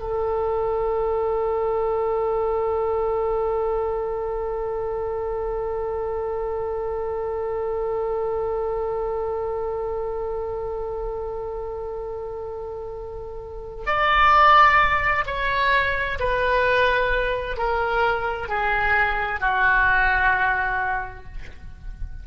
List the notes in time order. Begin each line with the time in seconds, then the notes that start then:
0.00 A4
13.87 D5
15.26 C#5
16.20 B4
17.58 A#4
18.49 G#4
19.41 F#4